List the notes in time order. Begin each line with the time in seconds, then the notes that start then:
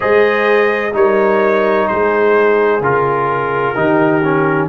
0.00 G#3 G#4 C5 D#5
0.93 G3 D#4 A#4 C#5
1.87 G#3 G#4 C5
2.80 C#3 F4 A#4
3.74 D#3 D#4 G4
4.23 C#4